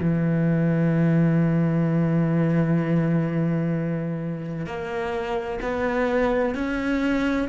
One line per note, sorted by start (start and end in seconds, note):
0.00 4.67 E3
4.67 5.60 A#3
5.62 6.55 B3
6.55 7.49 C#4